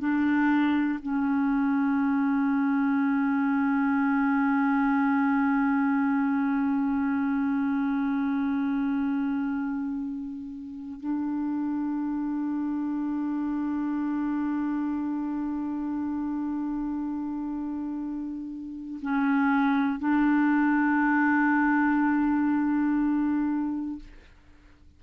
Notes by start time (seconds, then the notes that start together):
0.00 D4
1.03 C#4
11.00 D4
19.02 C#4
20.00 D4